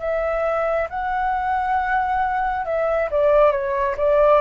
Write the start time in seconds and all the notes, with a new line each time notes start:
0.00 E5
0.90 F#5
2.66 E5
3.11 D5
3.52 C#5
3.98 D5